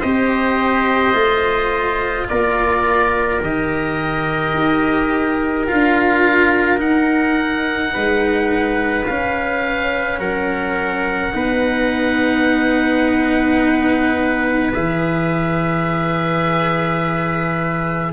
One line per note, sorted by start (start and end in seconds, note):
0.00 1.13 C4
0.00 1.13 G4
0.00 2.26 C5
0.00 2.27 D#5
1.13 2.27 A3
1.13 3.40 F4
2.28 3.42 A#3
2.28 7.93 A#4
2.28 3.42 D5
3.41 4.54 D#3
3.41 5.67 G4
3.41 5.67 D#5
4.54 5.67 D#4
5.67 6.79 D4
5.67 6.78 F4
5.67 6.80 F5
6.78 9.04 D#4
6.78 7.92 D#4
6.78 9.06 F#5
7.93 9.09 G#3
7.93 10.19 B4
9.06 10.19 C#4
9.06 11.33 C#4
9.06 10.19 F5
10.19 11.32 F#3
10.19 11.33 A#4
10.19 14.72 F#5
11.33 14.74 B3
11.33 14.72 D#4
11.33 18.12 B4
14.73 18.12 E3
14.73 18.12 G#4
14.73 18.12 E5